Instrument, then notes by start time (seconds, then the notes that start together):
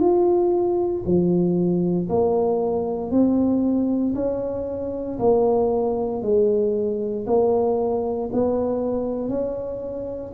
tuba
0.00 F4
1.05 F3
2.09 A#3
3.11 C4
4.15 C#4
5.19 A#3
6.22 G#3
7.26 A#3
8.32 B3
9.29 C#4